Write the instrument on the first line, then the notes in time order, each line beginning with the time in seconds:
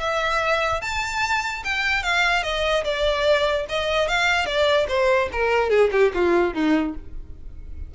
violin
0.00 E5
0.81 A5
1.64 G5
2.03 F5
2.43 D#5
2.84 D5
3.69 D#5
4.08 F5
4.46 D5
4.88 C5
5.32 A#4
5.70 G#4
5.92 G4
6.14 F4
6.54 D#4